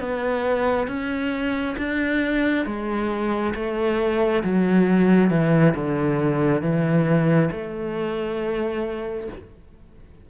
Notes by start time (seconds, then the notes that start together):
0.00 B3
0.87 C#4
1.77 D4
2.66 G#3
3.55 A3
4.44 F#3
5.30 E3
5.75 D3
6.62 E3
7.51 A3